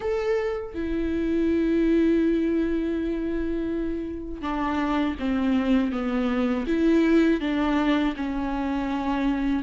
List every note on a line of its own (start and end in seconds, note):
0.00 0.74 A4
0.74 4.41 E4
4.41 5.15 D4
5.19 5.92 C4
5.92 6.66 B3
6.66 7.40 E4
7.40 8.14 D4
8.16 9.63 C#4